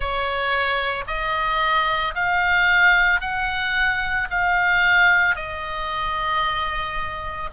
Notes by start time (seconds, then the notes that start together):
0.00 C#5
1.07 D#5
2.14 F5
3.20 F#5
4.30 F5
5.35 D#5